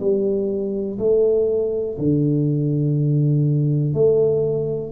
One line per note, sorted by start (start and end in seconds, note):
0.00 0.98 G3
0.98 1.97 A3
1.98 3.94 D3
3.94 4.92 A3